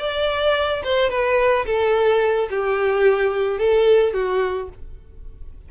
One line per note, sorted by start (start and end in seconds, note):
0.00 0.83 D5
0.84 1.10 C5
1.10 1.66 B4
1.66 2.49 A4
2.50 3.59 G4
3.59 4.14 A4
4.14 4.70 F#4